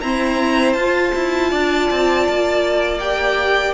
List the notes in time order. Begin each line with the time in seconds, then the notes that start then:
0.00 C4 E4 C5 A#5
0.73 F4 A5
1.15 E4
1.50 D4 D5
1.90 C4
2.29 A#3
2.99 G4 G5